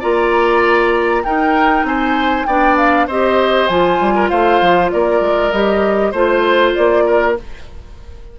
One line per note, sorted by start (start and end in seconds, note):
0.00 1.25 A#3
0.00 1.24 F4
0.00 1.22 D5
0.00 1.24 A#5
1.24 2.47 D#4
1.24 1.84 D#4
1.24 1.86 A#4
1.24 1.85 G5
1.84 2.45 C4
1.84 2.47 C5
1.84 2.46 G#5
2.46 3.08 B3
2.46 3.09 D4
2.46 3.07 D5
2.46 2.77 G5
2.77 3.08 F5
3.07 3.69 C4
3.07 3.70 G4
3.07 4.14 C5
3.07 3.68 D#5
3.68 4.00 F3
3.68 5.54 F4
3.68 4.29 G#5
4.00 4.31 G3
4.15 4.30 A#4
4.29 4.61 A3
4.29 4.91 C5
4.29 4.90 F5
4.61 4.92 F3
4.91 5.21 A#3
4.91 6.12 A#4
4.91 5.52 D5
5.21 5.51 G#3
5.52 6.13 G3
5.52 6.14 G4
5.52 6.13 D#5
6.12 6.74 A3
6.12 7.37 F4
6.12 7.03 C5
6.12 6.75 C5
6.75 7.39 A#3
6.75 7.36 D5
7.07 7.37 A#4